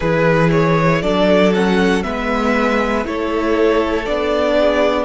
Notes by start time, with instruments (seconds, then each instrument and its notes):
0.00 cello E3, viola E4, violin G#4 B4
0.51 violin C#5
1.01 cello F#3, viola D4, violin A4 D5
1.54 viola C#4, violin F#5
2.02 cello G#3, viola B3, violin B4 E5
3.04 cello A3, viola E4, violin A4 C#5
4.05 cello B3, viola D4, violin D5
4.58 violin G#4